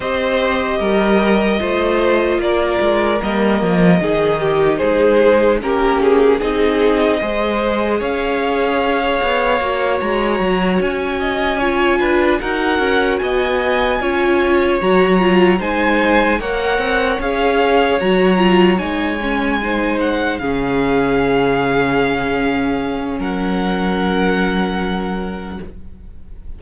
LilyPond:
<<
  \new Staff \with { instrumentName = "violin" } { \time 4/4 \tempo 4 = 75 dis''2. d''4 | dis''2 c''4 ais'8 gis'8 | dis''2 f''2~ | f''8 ais''4 gis''2 fis''8~ |
fis''8 gis''2 ais''4 gis''8~ | gis''8 fis''4 f''4 ais''4 gis''8~ | gis''4 fis''8 f''2~ f''8~ | f''4 fis''2. | }
  \new Staff \with { instrumentName = "violin" } { \time 4/4 c''4 ais'4 c''4 ais'4~ | ais'4 gis'8 g'8 gis'4 g'4 | gis'4 c''4 cis''2~ | cis''2 dis''8 cis''8 b'8 ais'8~ |
ais'8 dis''4 cis''2 c''8~ | c''8 cis''2.~ cis''8~ | cis''8 c''4 gis'2~ gis'8~ | gis'4 ais'2. | }
  \new Staff \with { instrumentName = "viola" } { \time 4/4 g'2 f'2 | ais4 dis'2 cis'4 | dis'4 gis'2. | fis'2~ fis'8 f'4 fis'8~ |
fis'4. f'4 fis'8 f'8 dis'8~ | dis'8 ais'4 gis'4 fis'8 f'8 dis'8 | cis'8 dis'4 cis'2~ cis'8~ | cis'1 | }
  \new Staff \with { instrumentName = "cello" } { \time 4/4 c'4 g4 a4 ais8 gis8 | g8 f8 dis4 gis4 ais4 | c'4 gis4 cis'4. b8 | ais8 gis8 fis8 cis'4. d'8 dis'8 |
cis'8 b4 cis'4 fis4 gis8~ | gis8 ais8 c'8 cis'4 fis4 gis8~ | gis4. cis2~ cis8~ | cis4 fis2. | }
>>